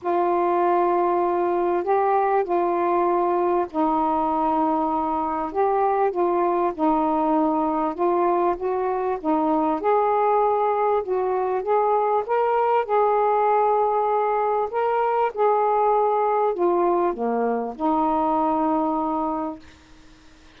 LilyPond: \new Staff \with { instrumentName = "saxophone" } { \time 4/4 \tempo 4 = 98 f'2. g'4 | f'2 dis'2~ | dis'4 g'4 f'4 dis'4~ | dis'4 f'4 fis'4 dis'4 |
gis'2 fis'4 gis'4 | ais'4 gis'2. | ais'4 gis'2 f'4 | ais4 dis'2. | }